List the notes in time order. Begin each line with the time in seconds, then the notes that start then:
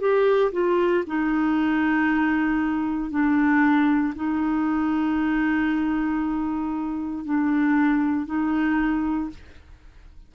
0.00 G4
0.52 F4
1.07 D#4
3.10 D4
4.15 D#4
7.25 D4
8.26 D#4